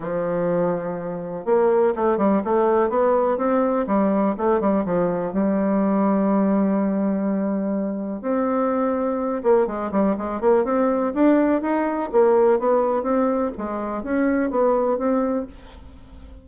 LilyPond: \new Staff \with { instrumentName = "bassoon" } { \time 4/4 \tempo 4 = 124 f2. ais4 | a8 g8 a4 b4 c'4 | g4 a8 g8 f4 g4~ | g1~ |
g4 c'2~ c'8 ais8 | gis8 g8 gis8 ais8 c'4 d'4 | dis'4 ais4 b4 c'4 | gis4 cis'4 b4 c'4 | }